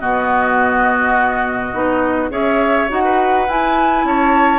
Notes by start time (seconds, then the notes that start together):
0.00 B2 B3 F#4 D#5
1.73 B3 D#4
2.30 C#4 G#4 C#5 E5
2.89 D#4 F#4 F#5
3.04 B4
3.48 E4 G#5
4.04 C#4 C#5 A5